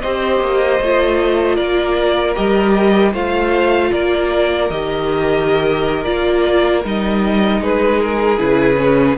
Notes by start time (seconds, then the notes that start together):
0.00 C4 G4 C5 D#5
0.40 A#3
0.80 A3 F4
1.56 A#3 A#4 D5
2.35 G3 G4 D#5
3.12 A3 F4 C5 F5
3.92 A#3 A#4 D5
4.70 D#3 G4 D#5
6.04 A#3 F4 D5
6.84 G3 D#4 D#5
7.60 G#3 G#4 B4
8.00 A#4
8.37 C#3 E4 B4
8.77 C#4